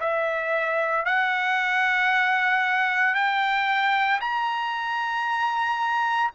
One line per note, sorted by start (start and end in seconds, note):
0.00 1.05 E5
1.05 3.14 F#5
3.14 4.20 G5
4.21 6.31 A#5